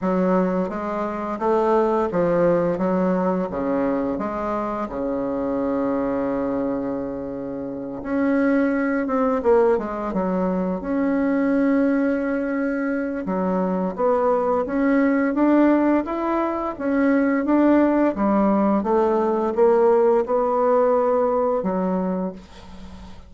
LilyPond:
\new Staff \with { instrumentName = "bassoon" } { \time 4/4 \tempo 4 = 86 fis4 gis4 a4 f4 | fis4 cis4 gis4 cis4~ | cis2.~ cis8 cis'8~ | cis'4 c'8 ais8 gis8 fis4 cis'8~ |
cis'2. fis4 | b4 cis'4 d'4 e'4 | cis'4 d'4 g4 a4 | ais4 b2 fis4 | }